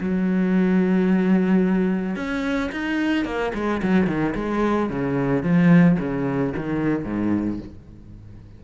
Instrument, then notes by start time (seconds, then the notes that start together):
cello
0.00 F#3
2.15 C#4
2.71 D#4
3.25 A#3
3.54 G#3
3.82 F#3
4.07 D#3
4.35 G#3
4.90 C#3
5.43 F3
5.99 C#3
6.56 D#3
7.05 G#2